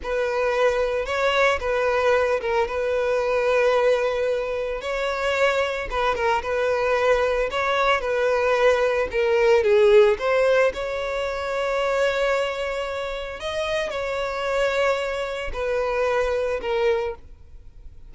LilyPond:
\new Staff \with { instrumentName = "violin" } { \time 4/4 \tempo 4 = 112 b'2 cis''4 b'4~ | b'8 ais'8 b'2.~ | b'4 cis''2 b'8 ais'8 | b'2 cis''4 b'4~ |
b'4 ais'4 gis'4 c''4 | cis''1~ | cis''4 dis''4 cis''2~ | cis''4 b'2 ais'4 | }